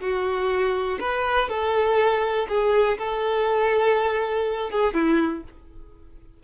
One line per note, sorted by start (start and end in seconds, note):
0.00 0.98 F#4
1.00 1.49 B4
1.49 2.47 A4
2.49 2.98 G#4
2.98 4.70 A4
4.70 4.94 G#4
4.94 5.43 E4